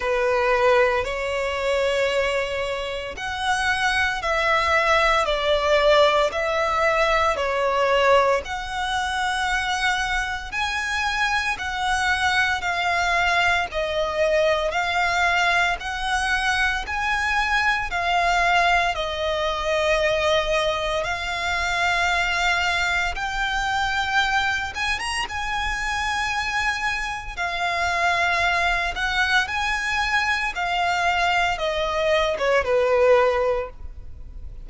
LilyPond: \new Staff \with { instrumentName = "violin" } { \time 4/4 \tempo 4 = 57 b'4 cis''2 fis''4 | e''4 d''4 e''4 cis''4 | fis''2 gis''4 fis''4 | f''4 dis''4 f''4 fis''4 |
gis''4 f''4 dis''2 | f''2 g''4. gis''16 ais''16 | gis''2 f''4. fis''8 | gis''4 f''4 dis''8. cis''16 b'4 | }